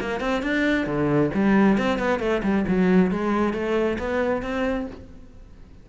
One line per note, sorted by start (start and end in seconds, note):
0.00 0.20 A#3
0.20 0.42 C4
0.42 0.86 D4
0.86 1.31 D3
1.34 1.77 G3
1.77 1.99 C4
1.99 2.19 B3
2.19 2.42 A3
2.43 2.65 G3
2.67 3.11 F#3
3.11 3.53 G#3
3.53 3.98 A3
3.99 4.42 B3
4.42 4.86 C4